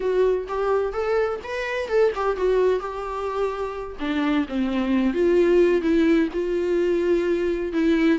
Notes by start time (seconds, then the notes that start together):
0.00 F#4
0.48 G4
0.93 A4
1.43 B4
1.88 A4
2.15 G4
2.36 F#4
2.79 G4
3.99 D4
4.48 C4
5.13 F4
5.81 E4
6.33 F4
7.72 E4